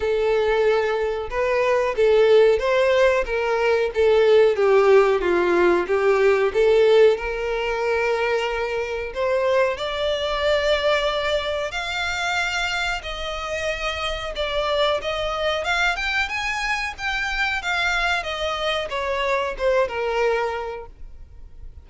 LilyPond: \new Staff \with { instrumentName = "violin" } { \time 4/4 \tempo 4 = 92 a'2 b'4 a'4 | c''4 ais'4 a'4 g'4 | f'4 g'4 a'4 ais'4~ | ais'2 c''4 d''4~ |
d''2 f''2 | dis''2 d''4 dis''4 | f''8 g''8 gis''4 g''4 f''4 | dis''4 cis''4 c''8 ais'4. | }